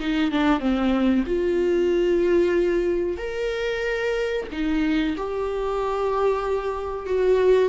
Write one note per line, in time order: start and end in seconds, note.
0.00 0.32 D#4
0.32 0.60 D4
0.60 1.25 C4
1.27 3.18 F4
3.18 4.47 A#4
4.52 5.17 D#4
5.18 7.07 G4
7.07 7.69 F#4